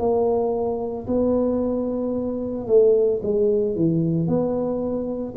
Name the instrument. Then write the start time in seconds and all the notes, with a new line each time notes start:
tuba
0.00 A#3
1.08 B3
2.67 A3
3.23 G#3
3.76 E3
4.28 B3